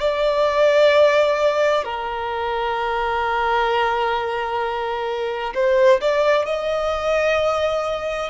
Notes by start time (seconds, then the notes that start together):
0.00 D5
1.85 A#4
5.54 C5
6.00 D5
6.45 D#5